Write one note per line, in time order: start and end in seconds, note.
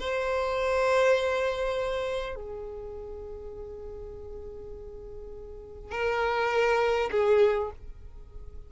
0.00 2.36 C5
2.36 5.92 G#4
5.92 7.11 A#4
7.12 7.71 G#4